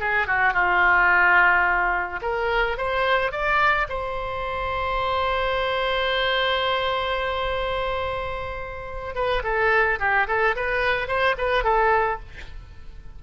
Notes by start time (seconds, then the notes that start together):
0.00 G#4
0.27 F#4
0.53 F4
2.22 A#4
2.77 C5
3.32 D5
3.89 C5
9.15 B4
9.43 A4
9.99 G4
10.28 A4
10.56 B4
11.08 C5
11.38 B4
11.64 A4